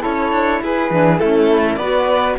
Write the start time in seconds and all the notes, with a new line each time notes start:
0.00 E4 A4 C#5
0.06 C#4
0.33 D4
0.63 E4 G#4 B4
0.91 E3 D4
1.19 A3 C#4 E4 A4
1.76 B3 F#4 B4 D5